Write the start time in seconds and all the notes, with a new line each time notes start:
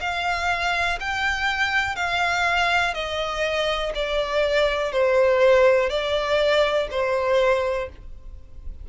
0.00 F5
1.00 G5
1.95 F5
2.94 D#5
3.95 D5
4.91 C5
5.89 D5
6.90 C5